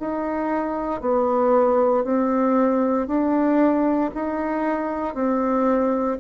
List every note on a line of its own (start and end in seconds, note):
0.00 1.01 D#4
1.01 2.05 B3
2.05 3.08 C4
3.08 4.11 D4
4.15 5.15 D#4
5.15 6.18 C4